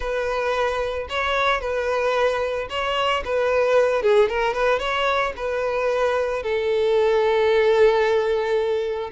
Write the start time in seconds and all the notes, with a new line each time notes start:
0.00 B4
1.09 C#5
1.60 B4
2.69 C#5
3.24 B4
4.02 G#4
4.29 A#4
4.53 B4
4.79 C#5
5.36 B4
6.42 A4